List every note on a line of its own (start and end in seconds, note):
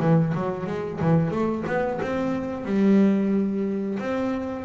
0.00 0.33 E3
0.35 0.66 F#3
0.66 1.00 G#3
1.01 1.31 E3
1.31 1.64 A3
1.67 2.00 B3
2.02 2.65 C4
2.65 3.98 G3
3.99 4.65 C4